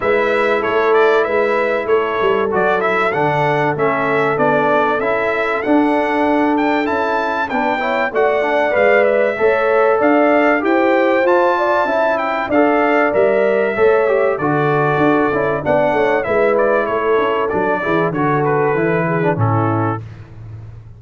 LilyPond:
<<
  \new Staff \with { instrumentName = "trumpet" } { \time 4/4 \tempo 4 = 96 e''4 cis''8 d''8 e''4 cis''4 | d''8 e''8 fis''4 e''4 d''4 | e''4 fis''4. g''8 a''4 | g''4 fis''4 f''8 e''4. |
f''4 g''4 a''4. g''8 | f''4 e''2 d''4~ | d''4 fis''4 e''8 d''8 cis''4 | d''4 cis''8 b'4. a'4 | }
  \new Staff \with { instrumentName = "horn" } { \time 4/4 b'4 a'4 b'4 a'4~ | a'1~ | a'1 | b'8 cis''8 d''2 cis''4 |
d''4 c''4. d''8 e''4 | d''2 cis''4 a'4~ | a'4 d''8 cis''8 b'4 a'4~ | a'8 gis'8 a'4. gis'8 e'4 | }
  \new Staff \with { instrumentName = "trombone" } { \time 4/4 e'1 | fis'8 e'8 d'4 cis'4 d'4 | e'4 d'2 e'4 | d'8 e'8 fis'8 d'8 b'4 a'4~ |
a'4 g'4 f'4 e'4 | a'4 ais'4 a'8 g'8 fis'4~ | fis'8 e'8 d'4 e'2 | d'8 e'8 fis'4 e'8. d'16 cis'4 | }
  \new Staff \with { instrumentName = "tuba" } { \time 4/4 gis4 a4 gis4 a8 g8 | fis4 d4 a4 b4 | cis'4 d'2 cis'4 | b4 a4 gis4 a4 |
d'4 e'4 f'4 cis'4 | d'4 g4 a4 d4 | d'8 cis'8 b8 a8 gis4 a8 cis'8 | fis8 e8 d4 e4 a,4 | }
>>